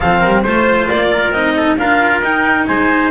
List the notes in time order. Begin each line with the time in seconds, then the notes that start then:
0.00 F3 C4 A4 F5
0.19 G3 A#4
0.42 A3 F4 C5
0.88 A#3 D5
1.11 A#4
1.30 C4 D#4 D#5
1.56 A4
1.77 D4 F4 A#4 F5
2.20 D#4 G5
2.66 G#3 C5 G#5